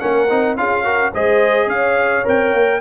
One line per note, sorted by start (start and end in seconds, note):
0.00 0.31 A#3
0.00 0.29 C#4
0.00 0.58 A#4
0.00 0.56 F#5
0.30 0.57 C4
0.30 0.58 D#4
0.57 1.13 C#4
0.57 0.85 F4
0.57 0.84 G#4
0.57 1.14 F5
0.84 1.13 F#4
0.84 1.12 A#4
1.14 1.67 G#3
1.14 2.24 G#4
1.14 1.68 C5
1.14 1.70 D#5
1.67 2.23 C#4
1.67 2.80 C#5
1.67 2.26 F5
2.24 2.53 C4
2.24 2.80 A#4
2.24 2.81 G5
2.53 2.81 A#3